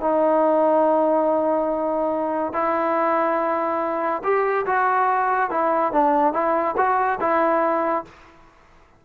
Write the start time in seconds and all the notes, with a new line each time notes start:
0.00 D#4
2.53 E4
4.23 G4
4.66 F#4
5.50 E4
5.92 D4
6.33 E4
6.77 F#4
7.20 E4